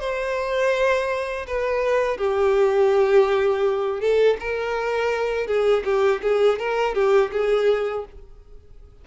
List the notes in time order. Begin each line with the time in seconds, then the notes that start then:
0.00 C5
1.47 B4
2.18 G4
4.00 A4
4.40 A#4
5.47 G#4
5.85 G4
6.22 G#4
6.59 A#4
6.94 G4
7.32 G#4